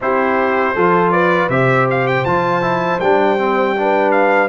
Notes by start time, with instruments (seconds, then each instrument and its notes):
0.00 tuba C4, trombone E4, horn G4, trumpet C5
0.75 tuba F3, trombone F4, horn A4
1.11 horn B4, trumpet D5
1.49 tuba C3, trombone G4, horn C5, trumpet E5
1.90 trumpet F5
2.07 trumpet G5
2.24 tuba F3, trombone F4, trumpet A5
2.61 trombone E4
3.00 tuba G3, trombone D4, trumpet G5
3.38 trombone C4
3.76 trombone D4, horn B4
4.11 trumpet F5